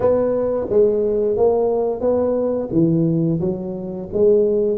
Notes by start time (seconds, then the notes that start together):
0.00 B3
0.69 G#3
1.36 A#3
2.00 B3
2.71 E3
3.40 F#3
4.13 G#3